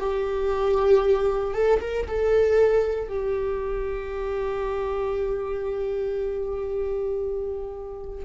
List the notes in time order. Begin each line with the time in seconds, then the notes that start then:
0.00 G4
1.55 A4
1.82 A#4
2.08 A4
3.09 G4